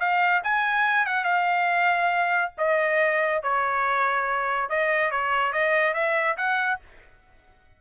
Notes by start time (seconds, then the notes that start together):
0.00 F5
0.44 G#5
1.06 F#5
1.25 F5
2.58 D#5
3.43 C#5
4.70 D#5
5.11 C#5
5.53 D#5
5.94 E5
6.38 F#5